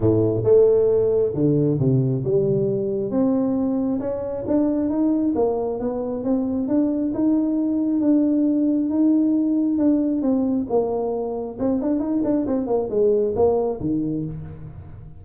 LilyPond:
\new Staff \with { instrumentName = "tuba" } { \time 4/4 \tempo 4 = 135 a,4 a2 d4 | c4 g2 c'4~ | c'4 cis'4 d'4 dis'4 | ais4 b4 c'4 d'4 |
dis'2 d'2 | dis'2 d'4 c'4 | ais2 c'8 d'8 dis'8 d'8 | c'8 ais8 gis4 ais4 dis4 | }